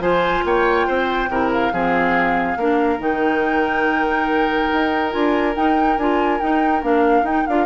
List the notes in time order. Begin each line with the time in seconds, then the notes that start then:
0.00 F3 F4 C5 G#5
0.45 A#3 C#5 G5
0.87 C4 C5
1.29 C3 E4 A#4
1.52 F5
1.73 F3 C4 G#4
2.57 A#3 D4 A#4
2.99 D#3 D#4 G5
4.73 D#4
5.11 D4 F4 G#5
5.56 D#4 G5
5.98 D4 F4 G#5
6.40 D#4 G5
6.82 A#3 D4 F5
7.23 D#4 G5
7.47 D4 F4 F5